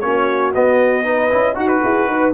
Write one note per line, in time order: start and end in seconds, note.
0.00 0.54 A#3
0.00 0.53 C#4
0.00 1.04 F#4
0.00 0.51 C#5
0.54 1.32 B3
0.54 1.04 B3
0.54 1.57 D#5
1.04 1.30 D#4
1.04 1.54 B4
1.30 1.55 C#4
1.30 1.55 E4
1.54 1.81 D#4
1.54 1.79 F#4
1.54 2.32 F#4
1.54 1.68 F#5
1.68 2.32 B4
1.82 2.07 E4
1.82 2.08 G#4
2.07 2.33 D#4
2.07 2.33 B4